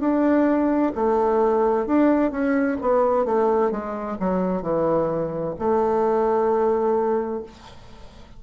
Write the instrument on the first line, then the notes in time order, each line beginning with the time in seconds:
bassoon
0.00 D4
0.95 A3
1.86 D4
2.31 C#4
2.81 B3
3.25 A3
3.71 G#3
4.20 F#3
4.62 E3
5.58 A3